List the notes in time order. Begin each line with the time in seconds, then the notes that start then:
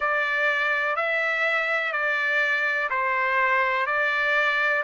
0.00 D5
0.96 E5
1.92 D5
2.89 C5
3.86 D5